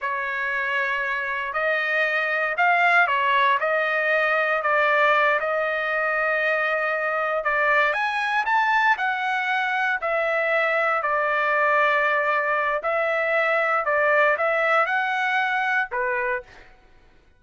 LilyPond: \new Staff \with { instrumentName = "trumpet" } { \time 4/4 \tempo 4 = 117 cis''2. dis''4~ | dis''4 f''4 cis''4 dis''4~ | dis''4 d''4. dis''4.~ | dis''2~ dis''8 d''4 gis''8~ |
gis''8 a''4 fis''2 e''8~ | e''4. d''2~ d''8~ | d''4 e''2 d''4 | e''4 fis''2 b'4 | }